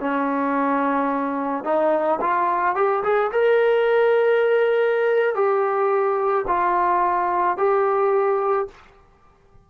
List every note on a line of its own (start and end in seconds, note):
0.00 1.64 C#4
1.64 2.19 D#4
2.21 2.75 F4
2.75 3.03 G4
3.03 3.31 G#4
3.32 5.35 A#4
5.35 6.45 G4
6.47 7.57 F4
7.57 8.67 G4